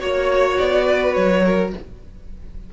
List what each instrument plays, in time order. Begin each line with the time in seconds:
0.00 cello A#3, viola F#4, violin C#5
0.59 cello B3, violin D5
0.86 violin B4
1.14 cello F#3, violin C#5
1.45 violin A#4